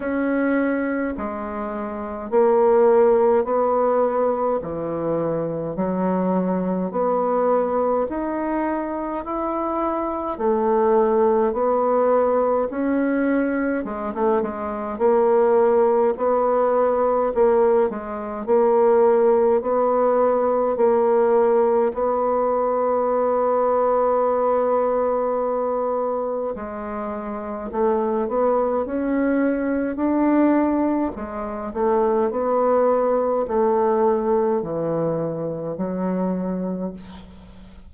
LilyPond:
\new Staff \with { instrumentName = "bassoon" } { \time 4/4 \tempo 4 = 52 cis'4 gis4 ais4 b4 | e4 fis4 b4 dis'4 | e'4 a4 b4 cis'4 | gis16 a16 gis8 ais4 b4 ais8 gis8 |
ais4 b4 ais4 b4~ | b2. gis4 | a8 b8 cis'4 d'4 gis8 a8 | b4 a4 e4 fis4 | }